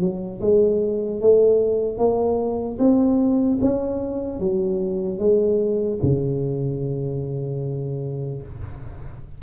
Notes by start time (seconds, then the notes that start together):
0.00 F#3
0.40 G#3
1.20 A3
1.97 A#3
2.79 C4
3.61 C#4
4.39 F#3
5.18 G#3
6.02 C#3